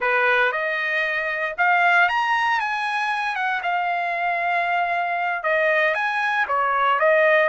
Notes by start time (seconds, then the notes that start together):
0.00 B4
0.52 D#5
1.57 F5
2.08 A#5
2.60 G#5
3.35 F#5
3.63 F5
5.43 D#5
5.94 G#5
6.48 C#5
6.99 D#5